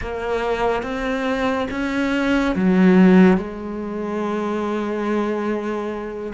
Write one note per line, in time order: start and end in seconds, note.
0.01 0.83 A#3
0.83 1.67 C4
1.71 2.55 C#4
2.55 3.37 F#3
3.37 6.33 G#3